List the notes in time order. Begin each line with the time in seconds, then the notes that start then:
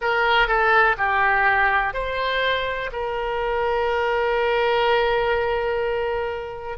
0.00 A#4
0.48 A4
0.97 G4
1.94 C5
2.92 A#4